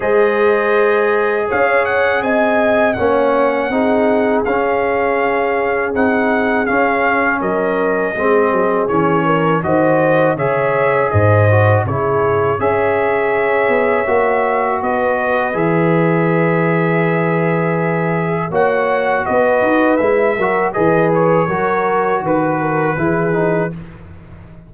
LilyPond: <<
  \new Staff \with { instrumentName = "trumpet" } { \time 4/4 \tempo 4 = 81 dis''2 f''8 fis''8 gis''4 | fis''2 f''2 | fis''4 f''4 dis''2 | cis''4 dis''4 e''4 dis''4 |
cis''4 e''2. | dis''4 e''2.~ | e''4 fis''4 dis''4 e''4 | dis''8 cis''4. b'2 | }
  \new Staff \with { instrumentName = "horn" } { \time 4/4 c''2 cis''4 dis''4 | cis''4 gis'2.~ | gis'2 ais'4 gis'4~ | gis'8 ais'8 c''4 cis''4 c''4 |
gis'4 cis''2. | b'1~ | b'4 cis''4 b'4. ais'8 | b'4 ais'4 b'8 ais'8 gis'4 | }
  \new Staff \with { instrumentName = "trombone" } { \time 4/4 gis'1 | cis'4 dis'4 cis'2 | dis'4 cis'2 c'4 | cis'4 fis'4 gis'4. fis'8 |
e'4 gis'2 fis'4~ | fis'4 gis'2.~ | gis'4 fis'2 e'8 fis'8 | gis'4 fis'2 e'8 dis'8 | }
  \new Staff \with { instrumentName = "tuba" } { \time 4/4 gis2 cis'4 c'4 | ais4 c'4 cis'2 | c'4 cis'4 fis4 gis8 fis8 | e4 dis4 cis4 gis,4 |
cis4 cis'4. b8 ais4 | b4 e2.~ | e4 ais4 b8 dis'8 gis8 fis8 | e4 fis4 dis4 e4 | }
>>